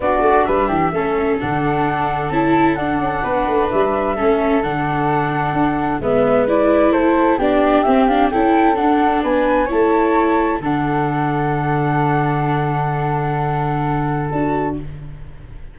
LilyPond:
<<
  \new Staff \with { instrumentName = "flute" } { \time 4/4 \tempo 4 = 130 d''4 e''2 fis''4~ | fis''4 a''4 fis''2 | e''2 fis''2~ | fis''4 e''4 d''4 c''4 |
d''4 e''8 f''8 g''4 fis''4 | gis''4 a''2 fis''4~ | fis''1~ | fis''2. a''4 | }
  \new Staff \with { instrumentName = "flute" } { \time 4/4 fis'4 b'8 g'8 a'2~ | a'2. b'4~ | b'4 a'2.~ | a'4 b'2 a'4 |
g'2 a'2 | b'4 cis''2 a'4~ | a'1~ | a'1 | }
  \new Staff \with { instrumentName = "viola" } { \time 4/4 d'2 cis'4 d'4~ | d'4 e'4 d'2~ | d'4 cis'4 d'2~ | d'4 b4 e'2 |
d'4 c'8 d'8 e'4 d'4~ | d'4 e'2 d'4~ | d'1~ | d'2. fis'4 | }
  \new Staff \with { instrumentName = "tuba" } { \time 4/4 b8 a8 g8 e8 a4 d4~ | d4 cis'4 d'8 cis'8 b8 a8 | g4 a4 d2 | d'4 gis2 a4 |
b4 c'4 cis'4 d'4 | b4 a2 d4~ | d1~ | d2. d'4 | }
>>